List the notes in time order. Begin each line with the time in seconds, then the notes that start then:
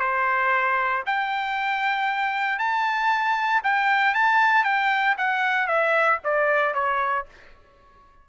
0.00 C5
1.07 G5
2.59 A5
3.64 G5
4.15 A5
4.64 G5
5.18 F#5
5.68 E5
6.24 D5
6.74 C#5